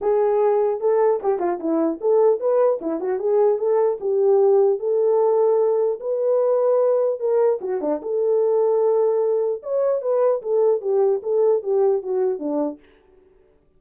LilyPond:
\new Staff \with { instrumentName = "horn" } { \time 4/4 \tempo 4 = 150 gis'2 a'4 g'8 f'8 | e'4 a'4 b'4 e'8 fis'8 | gis'4 a'4 g'2 | a'2. b'4~ |
b'2 ais'4 fis'8 d'8 | a'1 | cis''4 b'4 a'4 g'4 | a'4 g'4 fis'4 d'4 | }